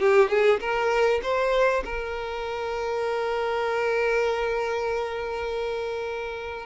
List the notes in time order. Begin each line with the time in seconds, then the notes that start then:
0.00 G4
0.30 G#4
0.61 A#4
1.23 C5
1.85 A#4